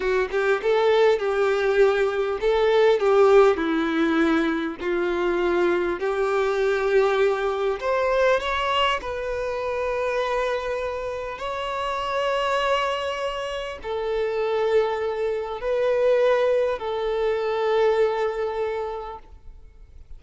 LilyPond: \new Staff \with { instrumentName = "violin" } { \time 4/4 \tempo 4 = 100 fis'8 g'8 a'4 g'2 | a'4 g'4 e'2 | f'2 g'2~ | g'4 c''4 cis''4 b'4~ |
b'2. cis''4~ | cis''2. a'4~ | a'2 b'2 | a'1 | }